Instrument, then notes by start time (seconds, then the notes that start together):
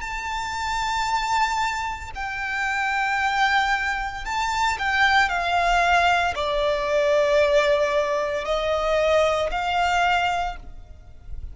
violin
0.00 A5
2.15 G5
4.25 A5
4.78 G5
5.29 F5
6.34 D5
8.44 D#5
9.51 F5